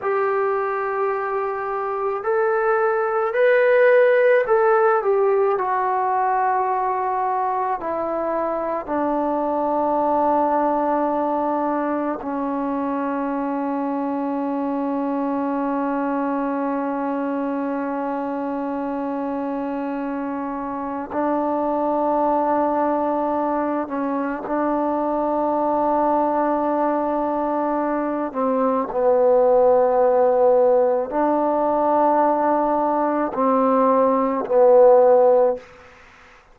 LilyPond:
\new Staff \with { instrumentName = "trombone" } { \time 4/4 \tempo 4 = 54 g'2 a'4 b'4 | a'8 g'8 fis'2 e'4 | d'2. cis'4~ | cis'1~ |
cis'2. d'4~ | d'4. cis'8 d'2~ | d'4. c'8 b2 | d'2 c'4 b4 | }